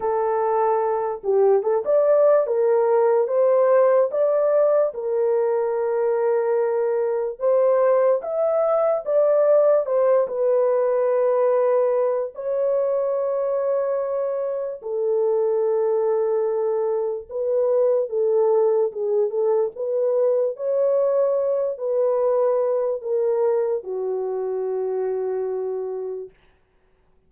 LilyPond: \new Staff \with { instrumentName = "horn" } { \time 4/4 \tempo 4 = 73 a'4. g'8 a'16 d''8. ais'4 | c''4 d''4 ais'2~ | ais'4 c''4 e''4 d''4 | c''8 b'2~ b'8 cis''4~ |
cis''2 a'2~ | a'4 b'4 a'4 gis'8 a'8 | b'4 cis''4. b'4. | ais'4 fis'2. | }